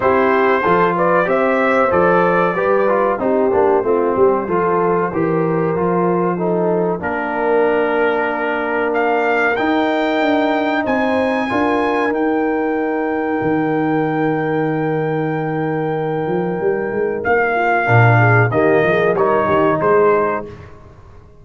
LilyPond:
<<
  \new Staff \with { instrumentName = "trumpet" } { \time 4/4 \tempo 4 = 94 c''4. d''8 e''4 d''4~ | d''4 c''2.~ | c''2. ais'4~ | ais'2 f''4 g''4~ |
g''4 gis''2 g''4~ | g''1~ | g''2. f''4~ | f''4 dis''4 cis''4 c''4 | }
  \new Staff \with { instrumentName = "horn" } { \time 4/4 g'4 a'8 b'8 c''2 | b'4 g'4 f'8 g'8 a'4 | ais'2 a'4 ais'4~ | ais'1~ |
ais'4 c''4 ais'2~ | ais'1~ | ais'2.~ ais'8 f'8 | ais'8 gis'8 g'8 gis'8 ais'8 g'8 gis'4 | }
  \new Staff \with { instrumentName = "trombone" } { \time 4/4 e'4 f'4 g'4 a'4 | g'8 f'8 dis'8 d'8 c'4 f'4 | g'4 f'4 dis'4 d'4~ | d'2. dis'4~ |
dis'2 f'4 dis'4~ | dis'1~ | dis'1 | d'4 ais4 dis'2 | }
  \new Staff \with { instrumentName = "tuba" } { \time 4/4 c'4 f4 c'4 f4 | g4 c'8 ais8 a8 g8 f4 | e4 f2 ais4~ | ais2. dis'4 |
d'4 c'4 d'4 dis'4~ | dis'4 dis2.~ | dis4. f8 g8 gis8 ais4 | ais,4 dis8 f8 g8 dis8 gis4 | }
>>